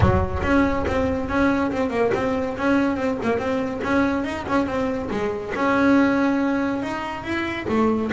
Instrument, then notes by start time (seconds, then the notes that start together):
double bass
0.00 F#3
0.42 C#4
0.87 C4
1.28 C#4
1.71 C4
1.90 A#3
2.14 C4
2.57 C#4
2.96 C4
3.22 A#3
3.38 C4
3.83 C#4
4.24 D#4
4.47 C#4
4.66 C4
5.10 G#3
5.55 C#4
6.82 D#4
7.23 E4
7.68 A3